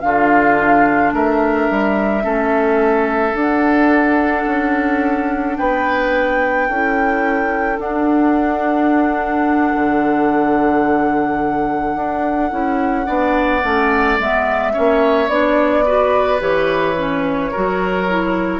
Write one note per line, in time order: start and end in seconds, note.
0.00 1.12 D3
0.00 2.22 D4
0.00 1.14 F4
0.00 1.11 F5
1.12 1.68 A3
1.12 2.24 A#4
1.12 3.37 E5
1.70 2.24 G3
2.22 3.34 A3
2.22 3.33 C#4
2.22 5.57 A4
3.34 4.45 D4
3.34 6.69 D4
3.34 5.57 F#5
4.46 5.57 C#4
5.57 6.69 B3
5.57 6.68 B4
5.57 7.79 G5
6.68 7.79 C#4
6.68 7.77 E4
6.68 13.06 A4
7.77 12.49 D4
7.77 9.73 D4
7.77 14.18 F#5
9.75 11.95 D3
11.95 12.51 D4
12.50 13.07 C#4
12.50 13.05 E4
13.05 13.63 B3
13.05 13.61 D4
13.05 14.73 D5
13.64 14.19 A3
13.64 14.19 C#4
14.19 14.75 G#3
14.19 14.73 B3
14.19 15.29 E5
14.73 15.28 A#3
14.73 15.28 C#4
14.73 15.84 C#5
15.28 16.39 B3
15.28 15.85 D4
15.28 16.40 D5
15.85 16.40 F#4
15.85 17.51 B4
16.40 17.51 E3
16.40 16.95 G4
16.40 18.60 C#5
16.97 17.52 C#4
17.51 18.60 F#3
17.51 18.08 F#4
17.51 18.60 A#4
18.08 18.60 E4